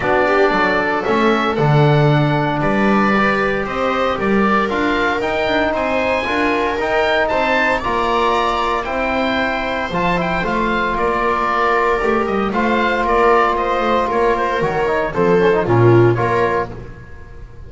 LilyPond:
<<
  \new Staff \with { instrumentName = "oboe" } { \time 4/4 \tempo 4 = 115 d''2 e''4 fis''4~ | fis''4 d''2 dis''4 | d''4 f''4 g''4 gis''4~ | gis''4 g''4 a''4 ais''4~ |
ais''4 g''2 a''8 g''8 | f''4 d''2~ d''8 dis''8 | f''4 d''4 dis''4 cis''8 c''8 | cis''4 c''4 ais'4 cis''4 | }
  \new Staff \with { instrumentName = "viola" } { \time 4/4 fis'8 g'8 a'2.~ | a'4 b'2 c''4 | ais'2. c''4 | ais'2 c''4 d''4~ |
d''4 c''2.~ | c''4 ais'2. | c''4 ais'4 c''4 ais'4~ | ais'4 a'4 f'4 ais'4 | }
  \new Staff \with { instrumentName = "trombone" } { \time 4/4 d'2 cis'4 d'4~ | d'2 g'2~ | g'4 f'4 dis'2 | f'4 dis'2 f'4~ |
f'4 e'2 f'8 e'8 | f'2. g'4 | f'1 | fis'8 dis'8 c'8 cis'16 dis'16 cis'4 f'4 | }
  \new Staff \with { instrumentName = "double bass" } { \time 4/4 b4 fis4 a4 d4~ | d4 g2 c'4 | g4 d'4 dis'8 d'8 c'4 | d'4 dis'4 c'4 ais4~ |
ais4 c'2 f4 | a4 ais2 a8 g8 | a4 ais4. a8 ais4 | dis4 f4 ais,4 ais4 | }
>>